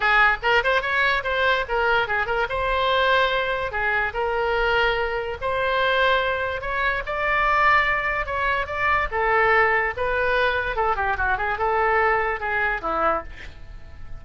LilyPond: \new Staff \with { instrumentName = "oboe" } { \time 4/4 \tempo 4 = 145 gis'4 ais'8 c''8 cis''4 c''4 | ais'4 gis'8 ais'8 c''2~ | c''4 gis'4 ais'2~ | ais'4 c''2. |
cis''4 d''2. | cis''4 d''4 a'2 | b'2 a'8 g'8 fis'8 gis'8 | a'2 gis'4 e'4 | }